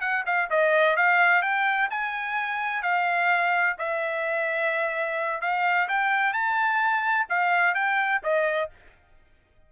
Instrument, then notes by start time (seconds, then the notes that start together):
trumpet
0.00 F#5
0.26 F5
0.50 D#5
0.96 F5
1.41 G5
1.90 G#5
2.82 F5
3.78 E5
5.41 F5
5.88 G5
6.33 A5
7.29 F5
7.74 G5
8.23 D#5